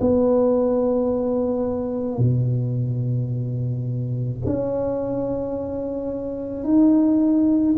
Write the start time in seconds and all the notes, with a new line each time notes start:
0.00 B3
2.18 B2
4.45 C#4
6.64 D#4